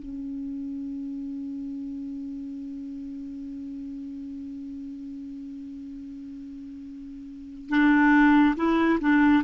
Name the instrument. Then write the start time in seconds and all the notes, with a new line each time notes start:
clarinet
0.00 C#4
7.70 D4
8.56 E4
9.01 D4